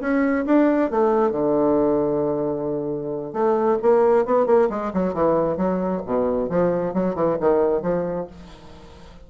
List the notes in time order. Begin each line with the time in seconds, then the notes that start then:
0.00 C#4
0.46 D4
0.90 A3
1.31 D3
3.33 A3
3.82 A#3
4.25 B3
4.46 A#3
4.69 G#3
4.93 F#3
5.14 E3
5.57 F#3
6.05 B2
6.49 F3
6.93 F#3
7.15 E3
7.40 D#3
7.82 F3